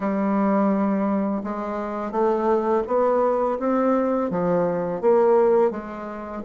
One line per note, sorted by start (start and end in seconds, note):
0.00 1.42 G3
1.43 2.11 G#3
2.11 2.82 A3
2.87 3.58 B3
3.59 4.30 C4
4.30 5.01 F3
5.01 5.70 A#3
5.70 6.42 G#3